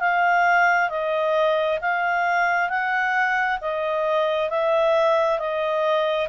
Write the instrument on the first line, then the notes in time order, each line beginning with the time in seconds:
clarinet
0.00 F5
0.90 D#5
1.82 F5
2.70 F#5
3.61 D#5
4.50 E5
5.39 D#5